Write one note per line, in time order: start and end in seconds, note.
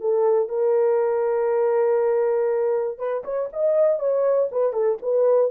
0.00 0.49 A4
0.49 2.98 A#4
2.98 3.23 B4
3.24 3.49 C#5
3.52 3.99 D#5
3.99 4.49 C#5
4.51 4.72 B4
4.72 4.97 A4
5.02 5.51 B4